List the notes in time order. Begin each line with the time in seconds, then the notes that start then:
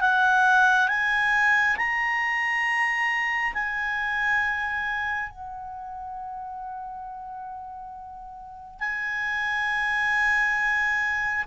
0.00 F#5
0.88 G#5
1.77 A#5
3.53 G#5
5.29 F#5
8.80 G#5